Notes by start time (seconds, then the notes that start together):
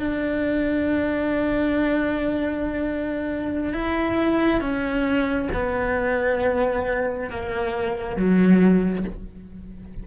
0.00 D4
3.73 E4
4.61 C#4
5.53 B3
7.30 A#3
8.17 F#3